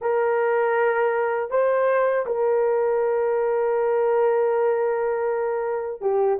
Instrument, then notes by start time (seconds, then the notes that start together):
horn
0.01 A#4
1.50 C5
2.26 A#4
6.01 G4